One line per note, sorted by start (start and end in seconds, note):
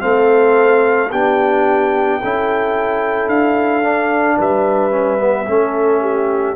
0.00 1.12 A3
0.00 1.09 C4
0.00 1.10 A4
0.00 1.10 F5
1.10 2.21 B3
1.10 2.21 D4
1.10 2.19 G4
1.10 3.28 G5
2.22 3.27 C#4
2.22 3.83 E4
2.22 4.37 A4
3.27 4.37 D4
3.27 4.37 F5
3.83 4.90 D4
4.37 5.46 G3
4.37 5.46 B4
4.37 6.55 E5
4.90 5.17 C#4
5.17 5.45 B3
5.46 6.55 A3
5.46 6.55 C#4
5.46 6.01 A4
6.01 6.55 G4